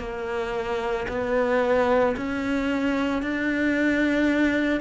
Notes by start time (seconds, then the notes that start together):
0.00 A#3
1.09 B3
2.17 C#4
3.22 D4